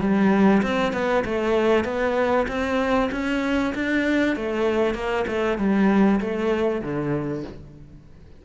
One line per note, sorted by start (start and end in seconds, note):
0.00 0.62 G3
0.62 0.93 C4
0.93 1.24 B3
1.25 1.84 A3
1.84 2.46 B3
2.48 3.10 C4
3.12 3.73 C#4
3.75 4.36 D4
4.36 4.94 A3
4.94 5.25 A#3
5.27 5.58 A3
5.58 6.20 G3
6.21 6.82 A3
6.82 7.44 D3